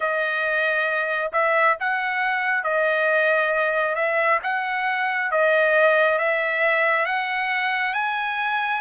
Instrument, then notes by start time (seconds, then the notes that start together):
trumpet
0.00 D#5
1.32 E5
1.79 F#5
2.63 D#5
3.95 E5
4.43 F#5
5.31 D#5
6.18 E5
7.05 F#5
7.93 G#5